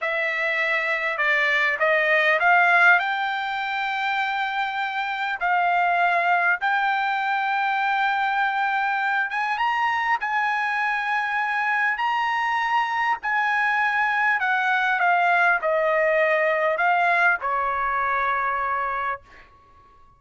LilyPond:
\new Staff \with { instrumentName = "trumpet" } { \time 4/4 \tempo 4 = 100 e''2 d''4 dis''4 | f''4 g''2.~ | g''4 f''2 g''4~ | g''2.~ g''8 gis''8 |
ais''4 gis''2. | ais''2 gis''2 | fis''4 f''4 dis''2 | f''4 cis''2. | }